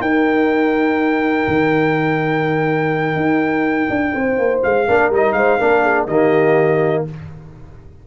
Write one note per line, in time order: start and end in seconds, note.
0.00 1.45 D#4
0.00 4.87 D#4
0.00 4.13 A#4
0.00 4.61 G5
1.47 3.15 D#3
3.15 3.88 D#4
3.89 4.13 D4
4.14 4.38 C4
4.14 4.87 C5
4.38 4.62 A#3
4.63 4.88 G#3
4.63 5.11 F5
4.87 5.09 A#3
4.87 5.12 D4
4.87 5.35 A#4
5.09 5.33 G3
5.09 5.59 D#4
5.09 5.32 D#5
5.32 5.57 G#3
5.32 5.58 C5
5.32 6.05 F5
5.58 6.07 A#3
5.58 6.08 D4
5.58 5.82 A#4
5.82 6.06 G#4
6.07 7.04 D#3
6.07 7.07 A#3
6.07 7.03 G4
6.07 7.04 D#5